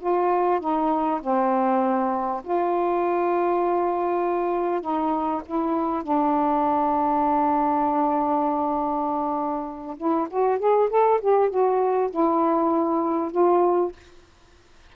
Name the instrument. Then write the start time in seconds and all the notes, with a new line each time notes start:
saxophone
0.00 F4
0.60 D#4
1.21 C4
2.44 F4
4.82 D#4
5.46 E4
6.03 D4
9.98 E4
10.30 F#4
10.59 G#4
10.90 A4
11.21 G4
11.50 F#4
12.11 E4
13.32 F4